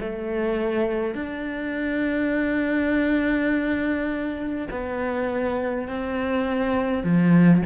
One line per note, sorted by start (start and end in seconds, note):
0.00 1.15 A3
1.15 4.68 D4
4.71 5.88 B3
5.88 7.04 C4
7.04 7.63 F3